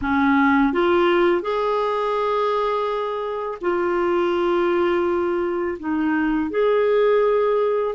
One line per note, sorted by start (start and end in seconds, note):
0.01 0.72 C#4
0.72 1.41 F4
1.41 3.58 G#4
3.61 5.78 F4
5.79 6.50 D#4
6.50 7.95 G#4